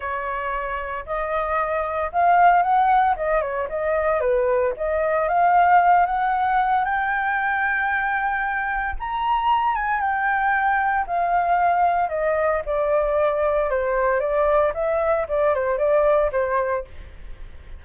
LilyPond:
\new Staff \with { instrumentName = "flute" } { \time 4/4 \tempo 4 = 114 cis''2 dis''2 | f''4 fis''4 dis''8 cis''8 dis''4 | b'4 dis''4 f''4. fis''8~ | fis''4 g''2.~ |
g''4 ais''4. gis''8 g''4~ | g''4 f''2 dis''4 | d''2 c''4 d''4 | e''4 d''8 c''8 d''4 c''4 | }